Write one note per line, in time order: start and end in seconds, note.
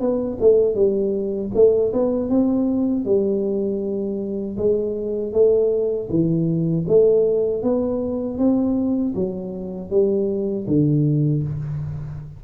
0.00 0.38 B3
0.40 0.75 A3
0.75 1.51 G3
1.54 1.92 A3
1.93 2.29 B3
2.29 3.05 C4
3.05 4.57 G3
4.57 5.32 G#3
5.32 6.08 A3
6.09 6.85 E3
6.88 7.63 A3
7.63 8.38 B3
8.38 9.14 C4
9.15 9.90 F#3
9.90 10.66 G3
10.67 11.43 D3